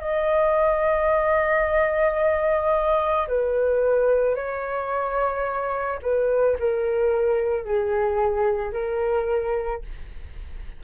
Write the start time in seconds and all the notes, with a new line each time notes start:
0.00 D#5
3.28 B4
4.35 C#5
6.02 B4
6.59 A#4
7.65 G#4
8.73 A#4